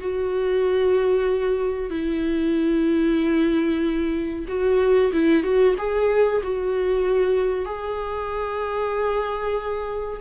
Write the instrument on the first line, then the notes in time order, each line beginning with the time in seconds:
viola
0.00 F#4
1.90 E4
4.48 F#4
5.13 E4
5.43 F#4
5.78 G#4
6.44 F#4
7.65 G#4